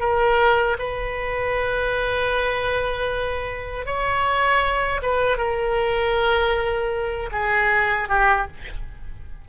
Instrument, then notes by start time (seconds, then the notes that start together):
oboe
0.00 A#4
0.78 B4
3.86 C#5
5.02 B4
5.37 A#4
7.32 G#4
8.08 G4